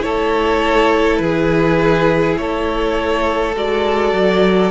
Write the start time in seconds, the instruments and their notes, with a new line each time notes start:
0.00 cello A3, viola E4, violin A4 C#5
1.17 cello E3, violin G#4 B4
2.37 cello A3, violin A4 C#5
3.56 cello G#3, viola F#4, violin D5
4.13 cello F#3